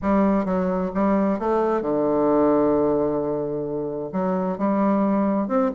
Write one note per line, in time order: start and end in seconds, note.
0.01 0.45 G3
0.45 0.91 F#3
0.94 1.39 G3
1.39 1.81 A3
1.81 4.10 D3
4.12 4.58 F#3
4.58 5.48 G3
5.48 5.70 C4